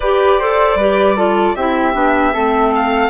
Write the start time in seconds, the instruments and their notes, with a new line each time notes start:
0.00 bassoon G4, clarinet G4, flute B4, violin D5
0.38 clarinet A4, flute C5
0.75 bassoon G3, clarinet G4, flute B4
1.16 clarinet F4, flute A4
1.55 bassoon C4, clarinet E4, flute G4, violin E5
1.93 bassoon B3, clarinet D4
2.32 bassoon A3, clarinet C4, flute A4
2.75 violin F5